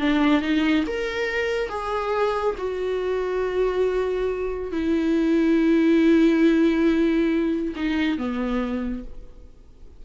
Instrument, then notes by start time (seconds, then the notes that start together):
viola
0.00 D4
0.41 D#4
0.87 A#4
1.69 G#4
2.58 F#4
4.72 E4
7.76 D#4
8.18 B3